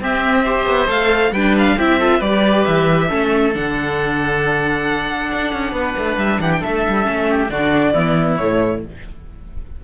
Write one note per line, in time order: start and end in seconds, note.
0.00 0.44 C4
0.00 0.66 C4
0.00 0.44 G4
0.00 0.89 E5
0.44 0.87 G4
0.44 1.32 C5
0.66 0.88 B3
0.87 1.31 A3
0.87 1.31 A4
0.87 1.32 F5
1.31 1.75 G3
1.31 1.79 D4
1.31 1.76 B4
1.31 1.54 G5
1.58 1.79 F5
1.76 2.20 C4
1.76 2.00 E4
1.76 1.99 G4
1.76 2.21 E5
1.99 2.22 F4
1.99 2.19 A4
2.19 2.65 G3
2.19 3.08 G4
2.19 3.07 B4
2.19 2.65 D5
2.65 3.11 E3
2.65 3.53 E5
3.08 3.55 A3
3.08 3.53 C#4
3.08 5.72 A4
3.54 5.31 D3
3.54 7.03 D4
3.54 6.18 F#5
5.31 5.53 D4
5.53 5.72 C#4
5.72 5.94 B3
5.72 6.41 B4
5.98 6.17 A3
6.17 6.39 G3
6.17 6.40 E5
6.40 6.62 E3
6.40 6.60 G4
6.40 6.52 F#5
6.53 6.63 G5
6.60 6.87 A3
6.60 7.26 A4
6.60 7.50 E5
6.88 7.07 G3
7.03 7.49 A3
7.03 7.47 C#4
7.30 7.51 G4
7.49 7.94 D3
7.49 7.94 D4
7.49 7.93 F#4
7.49 8.36 D5
7.93 8.39 E3
7.93 8.38 B3
7.93 8.81 E4
8.36 8.84 A2
8.36 8.84 A3
8.36 8.81 C#5